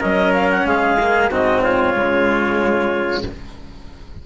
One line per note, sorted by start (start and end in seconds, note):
0.00 0.65 F#3
0.00 0.98 C#4
0.00 0.65 A#4
0.00 0.33 D#5
0.34 0.50 F5
0.51 0.67 F#5
0.65 1.29 G#3
0.65 1.30 G#4
0.65 1.31 F5
0.99 1.31 A#3
1.30 1.96 G#2
1.30 1.94 C4
1.30 1.63 F#4
1.30 1.62 D#5
1.62 3.25 F4
1.62 3.23 C#5
1.94 3.26 C#3
1.94 3.23 G#3